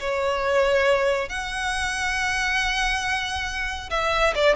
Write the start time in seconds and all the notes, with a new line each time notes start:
0.00 C#5
1.29 F#5
3.91 E5
4.35 D5